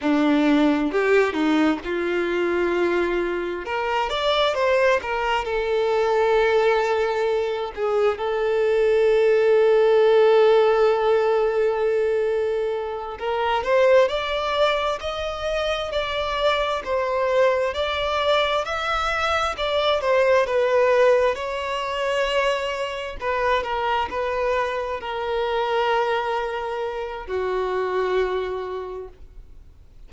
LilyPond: \new Staff \with { instrumentName = "violin" } { \time 4/4 \tempo 4 = 66 d'4 g'8 dis'8 f'2 | ais'8 d''8 c''8 ais'8 a'2~ | a'8 gis'8 a'2.~ | a'2~ a'8 ais'8 c''8 d''8~ |
d''8 dis''4 d''4 c''4 d''8~ | d''8 e''4 d''8 c''8 b'4 cis''8~ | cis''4. b'8 ais'8 b'4 ais'8~ | ais'2 fis'2 | }